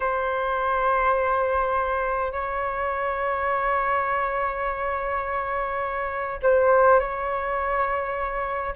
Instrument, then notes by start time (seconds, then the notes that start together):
flute
0.00 C5
2.32 C#5
6.42 C5
6.99 C#5